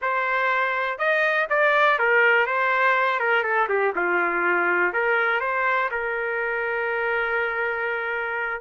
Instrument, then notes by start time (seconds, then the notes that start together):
trumpet
0.01 C5
0.98 D#5
1.49 D5
1.99 A#4
2.46 C5
3.19 A#4
3.43 A4
3.69 G4
3.95 F4
4.93 A#4
5.40 C5
5.91 A#4